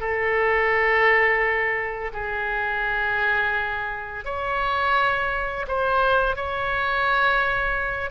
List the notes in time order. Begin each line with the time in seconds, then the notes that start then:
0.00 A4
2.13 G#4
4.25 C#5
5.68 C5
6.36 C#5